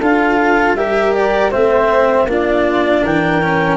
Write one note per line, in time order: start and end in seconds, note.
0.00 0.74 D4
0.00 0.77 F4
0.00 0.76 A4
0.00 0.76 F5
0.74 1.50 G3
0.74 1.51 G4
0.74 1.51 A#4
0.74 1.13 E5
1.13 1.51 D5
1.51 2.25 A3
1.51 2.27 C4
1.51 2.27 C5
1.51 2.28 E5
2.25 3.01 A#3
2.25 3.42 D4
2.25 3.02 F4
2.32 3.05 D5
3.02 3.77 E3
3.02 3.77 A#4
3.02 3.77 G5
3.42 3.77 C#4